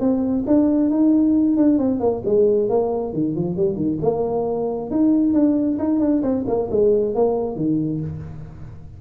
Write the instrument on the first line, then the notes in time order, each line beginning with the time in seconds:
tuba
0.00 C4
0.47 D4
0.90 D#4
1.57 D4
1.79 C4
2.00 A#3
2.25 G#3
2.69 A#3
3.13 D#3
3.36 F3
3.56 G3
3.76 D#3
4.01 A#3
4.91 D#4
5.34 D4
5.79 D#4
6.00 D4
6.22 C4
6.47 A#3
6.71 G#3
7.15 A#3
7.56 D#3